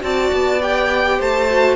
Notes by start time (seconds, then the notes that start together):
0.00 C4 F#4 D5 A5
0.32 B3
0.61 G4 G5
1.18 A3 C5 A5
1.50 F#4